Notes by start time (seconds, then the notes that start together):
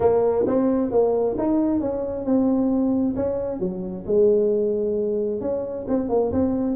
0.00 A#3
0.47 C4
0.91 A#3
1.38 D#4
1.80 C#4
2.25 C4
3.15 C#4
3.59 F#3
4.06 G#3
5.41 C#4
5.87 C4
6.09 A#3
6.32 C4